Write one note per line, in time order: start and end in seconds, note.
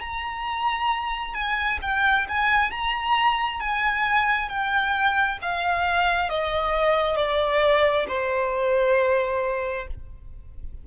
0.00 1.34 A#5
1.34 1.79 G#5
1.82 2.26 G5
2.28 2.71 G#5
2.71 3.60 A#5
3.60 4.49 G#5
4.49 5.39 G5
5.42 6.29 F5
6.29 7.16 D#5
7.16 8.06 D5
8.08 9.87 C5